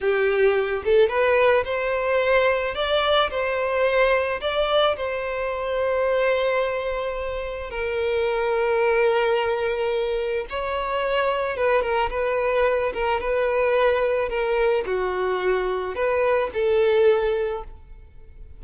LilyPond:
\new Staff \with { instrumentName = "violin" } { \time 4/4 \tempo 4 = 109 g'4. a'8 b'4 c''4~ | c''4 d''4 c''2 | d''4 c''2.~ | c''2 ais'2~ |
ais'2. cis''4~ | cis''4 b'8 ais'8 b'4. ais'8 | b'2 ais'4 fis'4~ | fis'4 b'4 a'2 | }